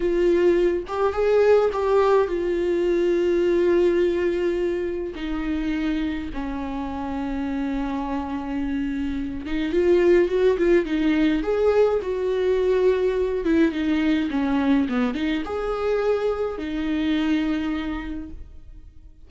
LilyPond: \new Staff \with { instrumentName = "viola" } { \time 4/4 \tempo 4 = 105 f'4. g'8 gis'4 g'4 | f'1~ | f'4 dis'2 cis'4~ | cis'1~ |
cis'8 dis'8 f'4 fis'8 f'8 dis'4 | gis'4 fis'2~ fis'8 e'8 | dis'4 cis'4 b8 dis'8 gis'4~ | gis'4 dis'2. | }